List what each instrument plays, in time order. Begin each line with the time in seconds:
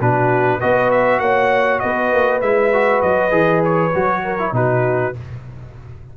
0.00 tuba B2, trombone D4, horn F#4, trumpet B4
0.59 tuba B3, trombone F#4, horn B4, trumpet D#5
0.91 trumpet E5
1.19 tuba A#3, horn C#5, trumpet F#5
1.79 tuba B3, horn B4, trumpet D#5
2.12 tuba A#3
2.41 tuba G#3, trombone E4, trumpet E5
2.73 trombone F#4
3.02 tuba F#3, trumpet D#5
3.30 tuba E3, trombone G#4
3.64 trumpet C#5
3.94 tuba F#3, trombone F#4
4.23 horn A#4
4.38 trombone E4
4.52 tuba B2, trombone D#4, horn F#4, trumpet B4